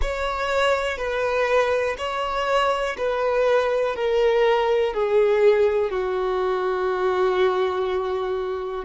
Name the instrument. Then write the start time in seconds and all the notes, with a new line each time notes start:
violin
0.01 C#5
0.97 B4
1.98 C#5
2.97 B4
3.95 A#4
4.93 G#4
5.90 F#4